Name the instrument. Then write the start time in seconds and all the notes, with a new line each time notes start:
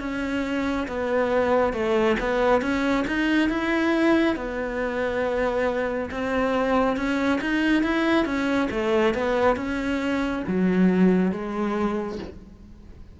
cello
0.00 C#4
0.88 B3
1.73 A3
2.20 B3
2.62 C#4
3.08 D#4
3.49 E4
4.36 B3
6.11 C4
6.96 C#4
7.41 D#4
7.83 E4
8.25 C#4
8.71 A3
9.15 B3
9.57 C#4
10.48 F#3
11.32 G#3